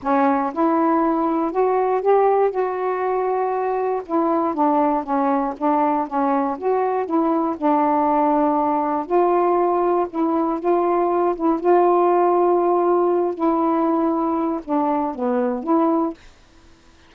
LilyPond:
\new Staff \with { instrumentName = "saxophone" } { \time 4/4 \tempo 4 = 119 cis'4 e'2 fis'4 | g'4 fis'2. | e'4 d'4 cis'4 d'4 | cis'4 fis'4 e'4 d'4~ |
d'2 f'2 | e'4 f'4. e'8 f'4~ | f'2~ f'8 e'4.~ | e'4 d'4 b4 e'4 | }